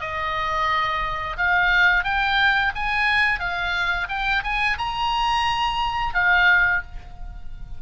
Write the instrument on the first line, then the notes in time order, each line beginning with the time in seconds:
oboe
0.00 D#5
1.37 F5
2.04 G5
2.75 G#5
3.39 F5
4.08 G5
4.43 G#5
4.77 A#5
6.14 F5